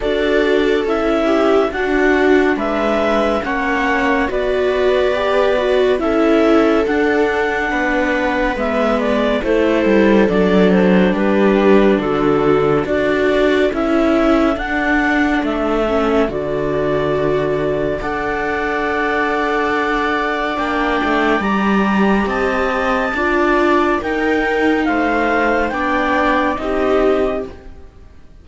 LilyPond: <<
  \new Staff \with { instrumentName = "clarinet" } { \time 4/4 \tempo 4 = 70 d''4 e''4 fis''4 e''4 | fis''4 d''2 e''4 | fis''2 e''8 d''8 c''4 | d''8 c''8 b'4 a'4 d''4 |
e''4 fis''4 e''4 d''4~ | d''4 fis''2. | g''4 ais''4 a''2 | g''4 f''4 g''4 dis''4 | }
  \new Staff \with { instrumentName = "viola" } { \time 4/4 a'4. g'8 fis'4 b'4 | cis''4 b'2 a'4~ | a'4 b'2 a'4~ | a'4 g'4 fis'4 a'4~ |
a'1~ | a'4 d''2.~ | d''2 dis''4 d''4 | ais'4 c''4 d''4 g'4 | }
  \new Staff \with { instrumentName = "viola" } { \time 4/4 fis'4 e'4 d'2 | cis'4 fis'4 g'8 fis'8 e'4 | d'2 b4 e'4 | d'2. fis'4 |
e'4 d'4. cis'8 fis'4~ | fis'4 a'2. | d'4 g'2 f'4 | dis'2 d'4 dis'4 | }
  \new Staff \with { instrumentName = "cello" } { \time 4/4 d'4 cis'4 d'4 gis4 | ais4 b2 cis'4 | d'4 b4 gis4 a8 g8 | fis4 g4 d4 d'4 |
cis'4 d'4 a4 d4~ | d4 d'2. | ais8 a8 g4 c'4 d'4 | dis'4 a4 b4 c'4 | }
>>